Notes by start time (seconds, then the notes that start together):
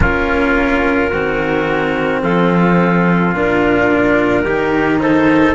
0.00 A#3 C#4 F4 A#4
1.10 D#3 C4 F#4
2.22 F3 F4 A4
3.34 A#2 D4 A#4
4.44 D#3 D#4 G4
5.00 A4 C5